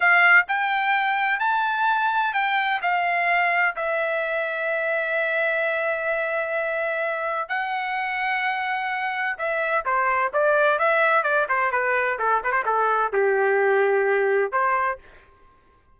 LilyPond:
\new Staff \with { instrumentName = "trumpet" } { \time 4/4 \tempo 4 = 128 f''4 g''2 a''4~ | a''4 g''4 f''2 | e''1~ | e''1 |
fis''1 | e''4 c''4 d''4 e''4 | d''8 c''8 b'4 a'8 b'16 c''16 a'4 | g'2. c''4 | }